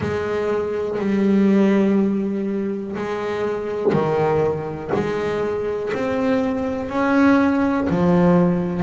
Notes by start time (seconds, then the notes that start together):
0.00 G#3
0.98 G3
2.96 G#3
3.92 D#3
4.94 G#3
5.93 C4
6.89 C#4
7.89 F3